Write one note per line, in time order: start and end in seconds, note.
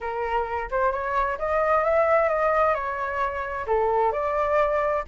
0.00 0.69 A#4
0.71 0.92 C5
0.92 1.37 C#5
1.38 1.83 D#5
1.83 2.29 E5
2.29 2.74 D#5
2.74 3.65 C#5
3.66 4.12 A4
4.12 5.03 D5